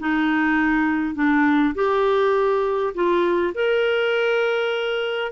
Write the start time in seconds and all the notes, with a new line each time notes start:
0.00 D#4
1.15 D4
1.75 G4
2.95 F4
3.55 A#4